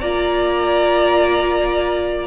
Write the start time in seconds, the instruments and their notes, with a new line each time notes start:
0.00 cello A#3, viola F4, violin D5 A#5